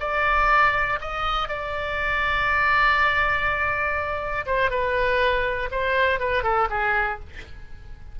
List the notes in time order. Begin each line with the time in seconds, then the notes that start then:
0.00 D5
1.01 D#5
1.48 D5
4.46 C5
4.70 B4
5.71 C5
6.19 B4
6.43 A4
6.70 G#4